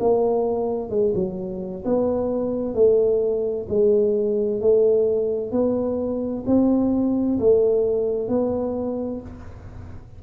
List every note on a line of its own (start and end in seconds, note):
0.00 0.90 A#3
0.90 1.13 G#3
1.15 1.84 F#3
1.85 2.74 B3
2.74 3.67 A3
3.69 4.61 G#3
4.61 5.52 A3
5.52 6.44 B3
6.47 7.39 C4
7.39 8.28 A3
8.28 9.21 B3